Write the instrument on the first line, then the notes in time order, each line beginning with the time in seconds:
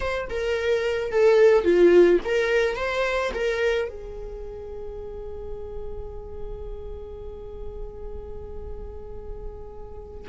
viola
0.00 C5
0.29 A#4
1.11 A4
1.64 F4
2.24 A#4
2.76 C5
3.34 A#4
3.88 G#4